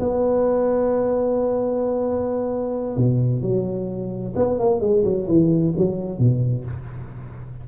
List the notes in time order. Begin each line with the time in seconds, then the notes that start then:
0.00 B3
2.97 B2
3.42 F#3
4.36 B3
4.59 A#3
4.81 G#3
5.04 F#3
5.28 E3
5.77 F#3
6.19 B2